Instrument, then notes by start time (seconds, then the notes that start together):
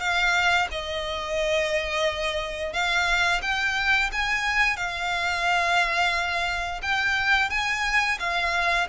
violin
0.00 F5
0.71 D#5
2.73 F5
3.42 G5
4.12 G#5
4.77 F5
6.82 G5
7.50 G#5
8.19 F5